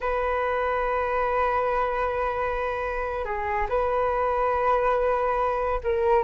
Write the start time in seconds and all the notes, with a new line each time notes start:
0.00 B4
3.25 G#4
3.69 B4
5.83 A#4